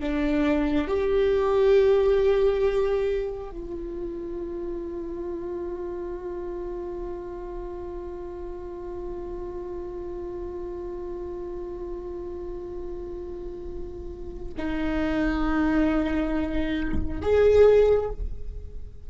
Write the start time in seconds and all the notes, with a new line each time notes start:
0.00 D4
0.87 G4
3.50 F4
14.57 D#4
17.21 G#4